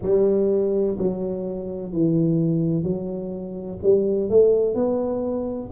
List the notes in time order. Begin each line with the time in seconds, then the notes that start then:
0.02 G3
0.98 F#3
1.92 E3
2.83 F#3
3.83 G3
4.29 A3
4.74 B3